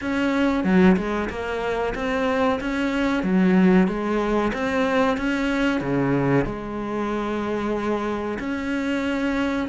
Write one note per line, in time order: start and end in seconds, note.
0.01 0.64 C#4
0.64 0.96 F#3
0.96 1.29 G#3
1.29 1.94 A#3
1.94 2.59 C4
2.60 3.23 C#4
3.23 3.87 F#3
3.87 4.52 G#3
4.53 5.17 C4
5.17 5.80 C#4
5.80 6.45 C#3
6.45 8.38 G#3
8.39 9.68 C#4